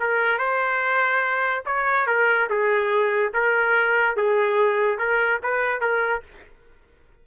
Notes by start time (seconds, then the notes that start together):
0.00 A#4
0.39 C5
1.66 C#5
2.07 A#4
2.50 G#4
3.34 A#4
4.17 G#4
4.99 A#4
5.43 B4
5.81 A#4